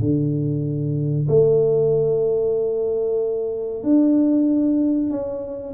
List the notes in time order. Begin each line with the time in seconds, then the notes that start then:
0.00 D3
1.29 A3
3.83 D4
5.11 C#4